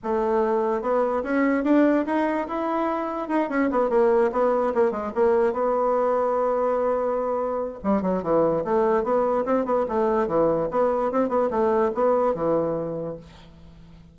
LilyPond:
\new Staff \with { instrumentName = "bassoon" } { \time 4/4 \tempo 4 = 146 a2 b4 cis'4 | d'4 dis'4 e'2 | dis'8 cis'8 b8 ais4 b4 ais8 | gis8 ais4 b2~ b8~ |
b2. g8 fis8 | e4 a4 b4 c'8 b8 | a4 e4 b4 c'8 b8 | a4 b4 e2 | }